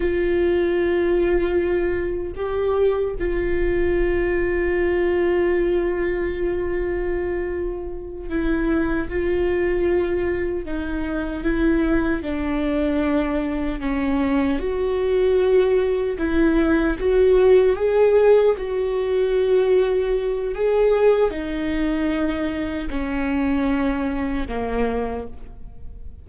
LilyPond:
\new Staff \with { instrumentName = "viola" } { \time 4/4 \tempo 4 = 76 f'2. g'4 | f'1~ | f'2~ f'8 e'4 f'8~ | f'4. dis'4 e'4 d'8~ |
d'4. cis'4 fis'4.~ | fis'8 e'4 fis'4 gis'4 fis'8~ | fis'2 gis'4 dis'4~ | dis'4 cis'2 ais4 | }